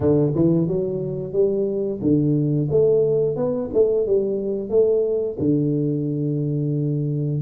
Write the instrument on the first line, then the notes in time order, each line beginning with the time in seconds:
tuba
0.00 D3
0.35 E3
0.67 F#3
1.32 G3
2.01 D3
2.71 A3
3.36 B3
3.73 A3
4.06 G3
4.69 A3
5.39 D3